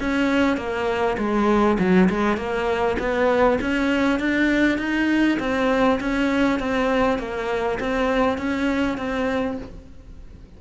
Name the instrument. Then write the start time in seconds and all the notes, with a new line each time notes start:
cello
0.00 C#4
0.57 A#3
1.18 G#3
1.79 F#3
2.09 G#3
2.37 A#3
2.99 B3
3.61 C#4
4.19 D4
4.78 D#4
5.39 C4
6.00 C#4
6.59 C4
7.18 A#3
7.80 C4
8.38 C#4
8.97 C4